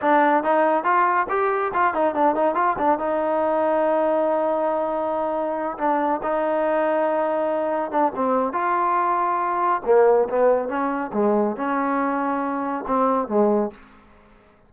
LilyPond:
\new Staff \with { instrumentName = "trombone" } { \time 4/4 \tempo 4 = 140 d'4 dis'4 f'4 g'4 | f'8 dis'8 d'8 dis'8 f'8 d'8 dis'4~ | dis'1~ | dis'4. d'4 dis'4.~ |
dis'2~ dis'8 d'8 c'4 | f'2. ais4 | b4 cis'4 gis4 cis'4~ | cis'2 c'4 gis4 | }